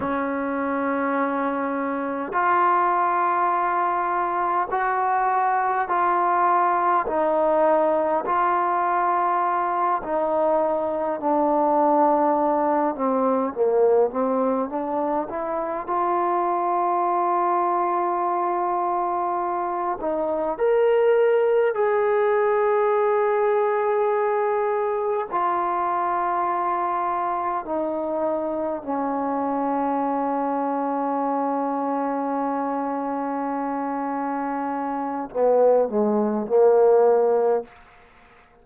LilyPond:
\new Staff \with { instrumentName = "trombone" } { \time 4/4 \tempo 4 = 51 cis'2 f'2 | fis'4 f'4 dis'4 f'4~ | f'8 dis'4 d'4. c'8 ais8 | c'8 d'8 e'8 f'2~ f'8~ |
f'4 dis'8 ais'4 gis'4.~ | gis'4. f'2 dis'8~ | dis'8 cis'2.~ cis'8~ | cis'2 b8 gis8 ais4 | }